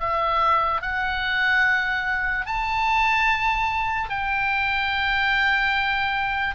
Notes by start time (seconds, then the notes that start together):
0.00 E5
0.81 F#5
2.46 A5
4.09 G5